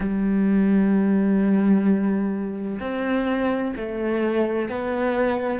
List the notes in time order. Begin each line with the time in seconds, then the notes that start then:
0.00 G3
2.80 C4
3.76 A3
4.69 B3